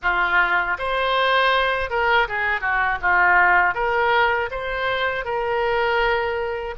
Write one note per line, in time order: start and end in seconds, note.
0.02 0.77 F4
0.78 1.90 C5
1.90 2.27 A#4
2.28 2.60 G#4
2.60 2.98 F#4
3.01 3.74 F4
3.74 4.49 A#4
4.50 5.24 C5
5.24 6.74 A#4